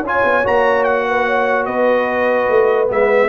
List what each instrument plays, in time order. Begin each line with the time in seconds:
0.00 tuba C#4, horn C#5
0.06 trombone F4, trumpet G#5
0.24 tuba B3
0.44 tuba A#3, trombone F#4, trumpet A#5
0.84 trumpet F#5
1.08 horn B4
1.26 horn C#5
1.66 tuba B3, horn B4, trumpet D#5
2.49 tuba A3
2.88 tuba G#3, trombone B3, trumpet E5